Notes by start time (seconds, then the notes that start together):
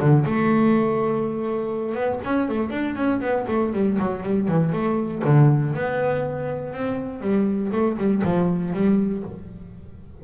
0.00 D3
0.26 A3
1.95 B3
2.25 C#4
2.49 A3
2.70 D4
2.95 C#4
3.21 B3
3.48 A3
3.73 G3
3.99 F#3
4.23 G3
4.48 E3
4.72 A3
5.25 D3
5.74 B3
6.73 C4
7.21 G3
7.72 A3
7.97 G3
8.24 F3
8.73 G3